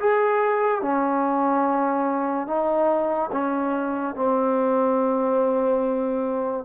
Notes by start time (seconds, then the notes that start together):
0.00 G#4
0.82 C#4
2.47 D#4
3.32 C#4
4.16 C4